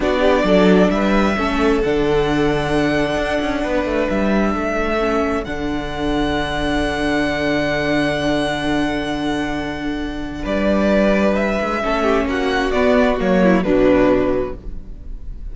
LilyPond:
<<
  \new Staff \with { instrumentName = "violin" } { \time 4/4 \tempo 4 = 132 d''2 e''2 | fis''1~ | fis''4 e''2. | fis''1~ |
fis''1~ | fis''2. d''4~ | d''4 e''2 fis''4 | d''4 cis''4 b'2 | }
  \new Staff \with { instrumentName = "violin" } { \time 4/4 fis'8 g'8 a'4 b'4 a'4~ | a'1 | b'2 a'2~ | a'1~ |
a'1~ | a'2. b'4~ | b'2 a'8 g'8 fis'4~ | fis'4. e'8 d'2 | }
  \new Staff \with { instrumentName = "viola" } { \time 4/4 d'2. cis'4 | d'1~ | d'2. cis'4 | d'1~ |
d'1~ | d'1~ | d'2 cis'2 | b4 ais4 fis2 | }
  \new Staff \with { instrumentName = "cello" } { \time 4/4 b4 fis4 g4 a4 | d2. d'8 cis'8 | b8 a8 g4 a2 | d1~ |
d1~ | d2. g4~ | g4. gis8 a4 ais4 | b4 fis4 b,2 | }
>>